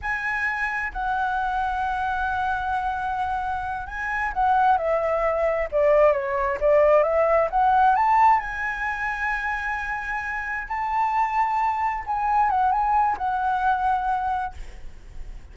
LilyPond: \new Staff \with { instrumentName = "flute" } { \time 4/4 \tempo 4 = 132 gis''2 fis''2~ | fis''1~ | fis''8 gis''4 fis''4 e''4.~ | e''8 d''4 cis''4 d''4 e''8~ |
e''8 fis''4 a''4 gis''4.~ | gis''2.~ gis''8 a''8~ | a''2~ a''8 gis''4 fis''8 | gis''4 fis''2. | }